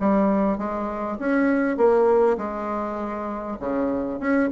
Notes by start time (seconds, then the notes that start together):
0.00 G3
0.58 G#3
1.19 C#4
1.77 A#3
2.38 G#3
3.60 C#3
4.19 C#4